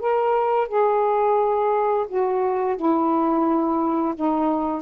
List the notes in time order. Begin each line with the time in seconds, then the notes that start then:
0.00 A#4
0.68 G#4
2.09 F#4
2.77 E4
4.16 D#4